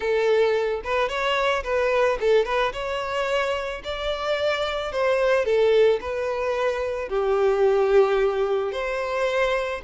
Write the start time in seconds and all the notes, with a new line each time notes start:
0.00 A4
0.83 B4
1.08 C#5
1.63 B4
2.20 A4
2.45 B4
2.72 C#5
3.84 D5
4.91 C5
5.45 A4
6.00 B4
7.08 G4
8.71 C5